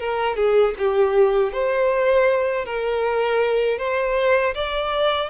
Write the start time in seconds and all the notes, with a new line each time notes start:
0.00 A#4
0.37 G#4
0.79 G4
1.53 C5
2.66 A#4
3.79 C5
4.55 D5